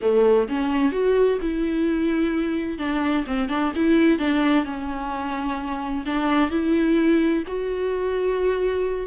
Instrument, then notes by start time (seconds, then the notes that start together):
viola
0.01 A3
0.48 C#4
0.92 F#4
1.41 E4
2.78 D4
3.26 C4
3.49 D4
3.75 E4
4.18 D4
4.64 C#4
6.05 D4
6.50 E4
7.47 F#4